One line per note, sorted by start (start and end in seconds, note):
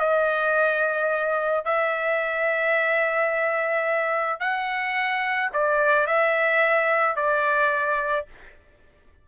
0.00 1.65 D#5
1.65 4.40 E5
4.40 5.50 F#5
5.53 6.07 D5
6.07 7.16 E5
7.16 8.26 D5